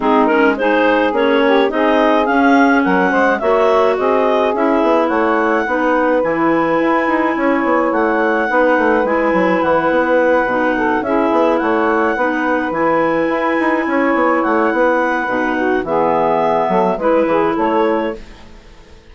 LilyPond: <<
  \new Staff \with { instrumentName = "clarinet" } { \time 4/4 \tempo 4 = 106 gis'8 ais'8 c''4 cis''4 dis''4 | f''4 fis''4 e''4 dis''4 | e''4 fis''2 gis''4~ | gis''2 fis''2 |
gis''4 fis''2~ fis''8 e''8~ | e''8 fis''2 gis''4.~ | gis''4. fis''2~ fis''8 | e''2 b'4 cis''4 | }
  \new Staff \with { instrumentName = "saxophone" } { \time 4/4 dis'4 gis'4. g'8 gis'4~ | gis'4 ais'8 c''8 cis''4 gis'4~ | gis'4 cis''4 b'2~ | b'4 cis''2 b'4~ |
b'2. a'8 gis'8~ | gis'8 cis''4 b'2~ b'8~ | b'8 cis''4. b'4. fis'8 | gis'4. a'8 b'8 gis'8 a'4 | }
  \new Staff \with { instrumentName = "clarinet" } { \time 4/4 c'8 cis'8 dis'4 cis'4 dis'4 | cis'2 fis'2 | e'2 dis'4 e'4~ | e'2. dis'4 |
e'2~ e'8 dis'4 e'8~ | e'4. dis'4 e'4.~ | e'2. dis'4 | b2 e'2 | }
  \new Staff \with { instrumentName = "bassoon" } { \time 4/4 gis2 ais4 c'4 | cis'4 fis8 gis8 ais4 c'4 | cis'8 b8 a4 b4 e4 | e'8 dis'8 cis'8 b8 a4 b8 a8 |
gis8 fis8 e8 b4 b,4 cis'8 | b8 a4 b4 e4 e'8 | dis'8 cis'8 b8 a8 b4 b,4 | e4. fis8 gis8 e8 a4 | }
>>